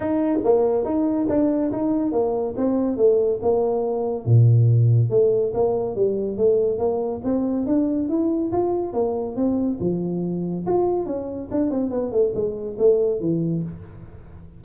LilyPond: \new Staff \with { instrumentName = "tuba" } { \time 4/4 \tempo 4 = 141 dis'4 ais4 dis'4 d'4 | dis'4 ais4 c'4 a4 | ais2 ais,2 | a4 ais4 g4 a4 |
ais4 c'4 d'4 e'4 | f'4 ais4 c'4 f4~ | f4 f'4 cis'4 d'8 c'8 | b8 a8 gis4 a4 e4 | }